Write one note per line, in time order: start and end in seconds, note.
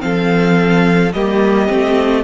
0.00 1.13 F3
0.00 1.11 C4
0.00 1.15 A4
0.00 1.12 F5
1.13 1.69 G3
1.13 1.68 A#3
1.13 2.24 G4
1.13 2.24 D#5
1.68 2.24 A3
1.68 2.24 C4